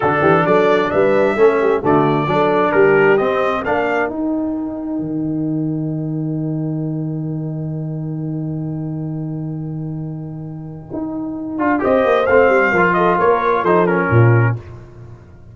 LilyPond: <<
  \new Staff \with { instrumentName = "trumpet" } { \time 4/4 \tempo 4 = 132 a'4 d''4 e''2 | d''2 ais'4 dis''4 | f''4 g''2.~ | g''1~ |
g''1~ | g''1~ | g''2 dis''4 f''4~ | f''8 dis''8 cis''4 c''8 ais'4. | }
  \new Staff \with { instrumentName = "horn" } { \time 4/4 fis'8 g'8 a'4 b'4 a'8 g'8 | fis'4 a'4 g'2 | ais'1~ | ais'1~ |
ais'1~ | ais'1~ | ais'2 c''2 | ais'8 a'8 ais'4 a'4 f'4 | }
  \new Staff \with { instrumentName = "trombone" } { \time 4/4 d'2. cis'4 | a4 d'2 c'4 | d'4 dis'2.~ | dis'1~ |
dis'1~ | dis'1~ | dis'4. f'8 g'4 c'4 | f'2 dis'8 cis'4. | }
  \new Staff \with { instrumentName = "tuba" } { \time 4/4 d8 e8 fis4 g4 a4 | d4 fis4 g4 c'4 | ais4 dis'2 dis4~ | dis1~ |
dis1~ | dis1 | dis'4. d'8 c'8 ais8 a8 g8 | f4 ais4 f4 ais,4 | }
>>